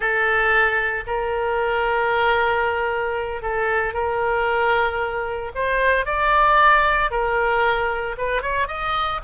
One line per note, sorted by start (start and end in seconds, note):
0.00 1.04 A4
1.06 3.41 A#4
3.41 3.93 A4
3.93 5.51 A#4
5.54 6.05 C5
6.05 7.11 D5
7.11 8.16 A#4
8.17 8.42 B4
8.42 8.67 C#5
8.67 9.20 D#5